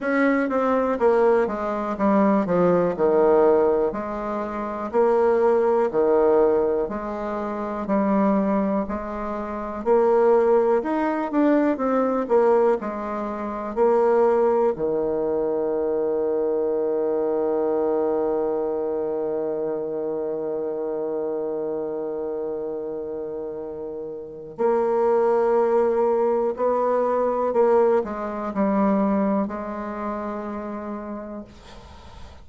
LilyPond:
\new Staff \with { instrumentName = "bassoon" } { \time 4/4 \tempo 4 = 61 cis'8 c'8 ais8 gis8 g8 f8 dis4 | gis4 ais4 dis4 gis4 | g4 gis4 ais4 dis'8 d'8 | c'8 ais8 gis4 ais4 dis4~ |
dis1~ | dis1~ | dis4 ais2 b4 | ais8 gis8 g4 gis2 | }